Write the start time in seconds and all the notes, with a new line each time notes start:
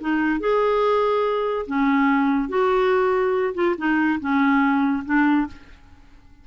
0.00 D#4
0.40 G#4
1.66 C#4
2.49 F#4
3.54 F4
3.77 D#4
4.20 C#4
5.05 D4